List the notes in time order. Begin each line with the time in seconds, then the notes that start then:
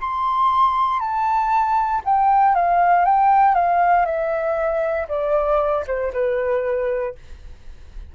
0.00 C6
0.99 A5
2.04 G5
2.55 F5
3.05 G5
3.55 F5
4.05 E5
5.08 D5
5.87 C5
6.13 B4